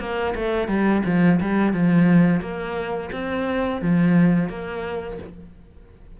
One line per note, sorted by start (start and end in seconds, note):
0.00 0.34 A#3
0.35 0.68 A3
0.68 1.03 G3
1.06 1.40 F3
1.41 1.73 G3
1.73 2.41 F3
2.41 3.10 A#3
3.13 3.82 C4
3.82 4.50 F3
4.50 5.18 A#3